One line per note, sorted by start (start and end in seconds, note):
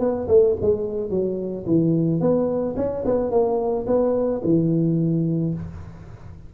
0.00 0.28 B3
0.28 0.56 A3
0.62 1.10 G#3
1.10 1.65 F#3
1.67 2.21 E3
2.21 2.76 B3
2.77 3.04 C#4
3.06 3.31 B3
3.31 3.86 A#3
3.87 4.42 B3
4.44 5.54 E3